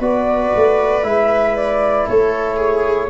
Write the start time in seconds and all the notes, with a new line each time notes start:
0.00 B3 F#4 B4 D5
0.55 A3
1.02 G#3 E4 E5
1.56 D5
2.06 A3 A4 C#5
2.57 G#4